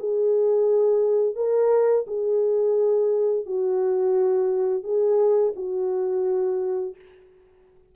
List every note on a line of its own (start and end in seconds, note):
0.00 1.36 G#4
1.36 2.06 A#4
2.08 3.46 G#4
3.46 4.84 F#4
4.84 5.54 G#4
5.56 6.96 F#4